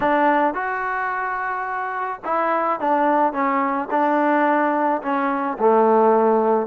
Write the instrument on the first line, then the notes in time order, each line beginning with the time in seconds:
trombone
0.00 D4
0.54 F#4
2.24 E4
2.80 D4
3.32 C#4
3.90 D4
5.02 C#4
5.59 A3